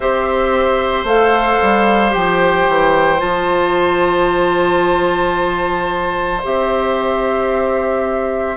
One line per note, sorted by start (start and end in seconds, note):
0.00 1.04 C4
0.00 1.06 G4
0.00 8.56 C5
0.00 1.06 E5
1.04 1.57 A3
1.04 2.10 A4
1.04 2.13 F5
1.62 2.14 G3
2.10 2.67 F3
2.10 3.17 G4
2.10 3.19 G5
2.67 3.21 E3
3.18 6.43 F3
3.18 6.39 F4
3.18 6.41 A5
6.43 8.56 C4
6.43 8.56 G4
6.43 8.56 E5